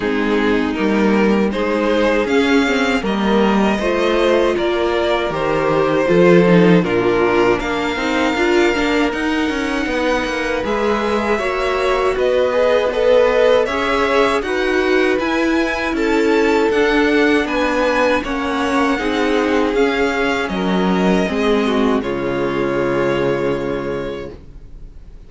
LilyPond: <<
  \new Staff \with { instrumentName = "violin" } { \time 4/4 \tempo 4 = 79 gis'4 ais'4 c''4 f''4 | dis''2 d''4 c''4~ | c''4 ais'4 f''2 | fis''2 e''2 |
dis''4 b'4 e''4 fis''4 | gis''4 a''4 fis''4 gis''4 | fis''2 f''4 dis''4~ | dis''4 cis''2. | }
  \new Staff \with { instrumentName = "violin" } { \time 4/4 dis'2 gis'2 | ais'4 c''4 ais'2 | a'4 f'4 ais'2~ | ais'4 b'2 cis''4 |
b'4 dis''4 cis''4 b'4~ | b'4 a'2 b'4 | cis''4 gis'2 ais'4 | gis'8 fis'8 f'2. | }
  \new Staff \with { instrumentName = "viola" } { \time 4/4 c'4 ais4 dis'4 cis'8 c'8 | ais4 f'2 g'4 | f'8 dis'8 d'4. dis'8 f'8 d'8 | dis'2 gis'4 fis'4~ |
fis'8 gis'8 a'4 gis'4 fis'4 | e'2 d'2 | cis'4 dis'4 cis'2 | c'4 gis2. | }
  \new Staff \with { instrumentName = "cello" } { \time 4/4 gis4 g4 gis4 cis'4 | g4 a4 ais4 dis4 | f4 ais,4 ais8 c'8 d'8 ais8 | dis'8 cis'8 b8 ais8 gis4 ais4 |
b2 cis'4 dis'4 | e'4 cis'4 d'4 b4 | ais4 c'4 cis'4 fis4 | gis4 cis2. | }
>>